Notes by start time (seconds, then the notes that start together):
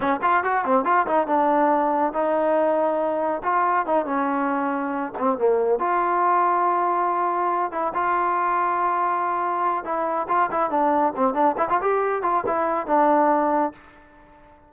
0.00 C#4
0.22 F4
0.43 F#4
0.64 C4
0.85 F4
1.06 D#4
1.27 D4
2.13 D#4
3.43 F4
3.86 D#4
4.05 C#4
5.18 C4
5.37 A#3
5.79 F4
7.71 E4
7.93 F4
9.84 E4
10.28 F4
10.51 E4
10.70 D4
11.16 C4
11.34 D4
11.57 E4
11.69 F4
11.81 G4
12.22 F4
12.46 E4
12.86 D4